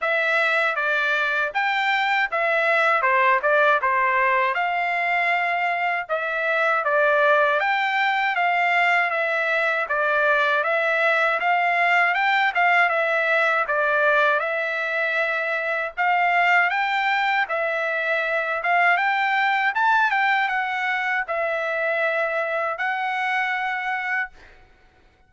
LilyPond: \new Staff \with { instrumentName = "trumpet" } { \time 4/4 \tempo 4 = 79 e''4 d''4 g''4 e''4 | c''8 d''8 c''4 f''2 | e''4 d''4 g''4 f''4 | e''4 d''4 e''4 f''4 |
g''8 f''8 e''4 d''4 e''4~ | e''4 f''4 g''4 e''4~ | e''8 f''8 g''4 a''8 g''8 fis''4 | e''2 fis''2 | }